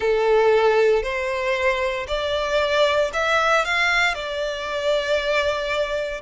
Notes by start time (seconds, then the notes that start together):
0.00 A4
1.03 C5
2.07 D5
3.13 E5
3.64 F5
4.14 D5